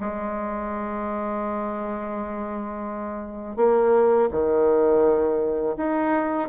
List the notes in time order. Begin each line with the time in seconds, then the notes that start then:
0.00 G#3
3.56 A#3
4.31 D#3
5.77 D#4